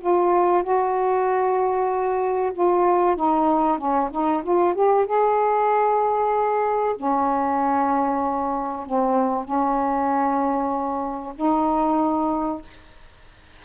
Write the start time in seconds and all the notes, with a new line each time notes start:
0.00 F4
0.63 F#4
2.53 F4
3.16 D#4
3.78 C#4
4.11 D#4
4.43 F4
4.74 G4
5.06 G#4
6.96 C#4
8.86 C4
9.44 C#4
11.35 D#4